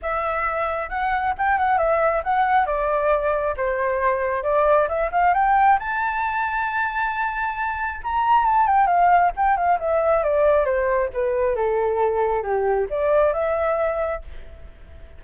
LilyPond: \new Staff \with { instrumentName = "flute" } { \time 4/4 \tempo 4 = 135 e''2 fis''4 g''8 fis''8 | e''4 fis''4 d''2 | c''2 d''4 e''8 f''8 | g''4 a''2.~ |
a''2 ais''4 a''8 g''8 | f''4 g''8 f''8 e''4 d''4 | c''4 b'4 a'2 | g'4 d''4 e''2 | }